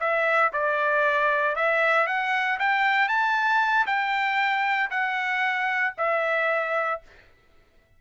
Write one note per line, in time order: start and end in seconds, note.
0.00 0.52 E5
0.53 1.56 D5
1.56 2.07 E5
2.07 2.59 F#5
2.59 3.09 G5
3.09 3.86 A5
3.87 4.90 G5
4.91 5.94 F#5
5.98 7.01 E5